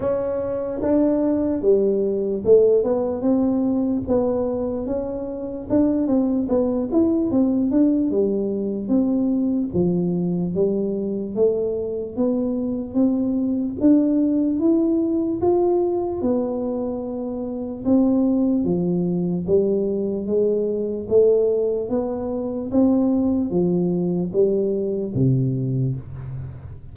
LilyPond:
\new Staff \with { instrumentName = "tuba" } { \time 4/4 \tempo 4 = 74 cis'4 d'4 g4 a8 b8 | c'4 b4 cis'4 d'8 c'8 | b8 e'8 c'8 d'8 g4 c'4 | f4 g4 a4 b4 |
c'4 d'4 e'4 f'4 | b2 c'4 f4 | g4 gis4 a4 b4 | c'4 f4 g4 c4 | }